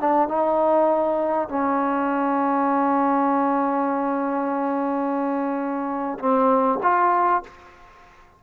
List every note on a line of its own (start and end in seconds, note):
0.00 0.28 D4
0.28 1.49 D#4
1.49 6.18 C#4
6.19 6.80 C4
6.82 7.43 F4